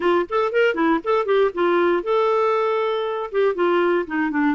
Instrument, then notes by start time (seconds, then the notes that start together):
clarinet
0.00 F4
0.29 A4
0.52 A#4
0.74 E4
1.04 A4
1.25 G4
1.54 F4
2.03 A4
3.31 G4
3.55 F4
4.06 D#4
4.30 D4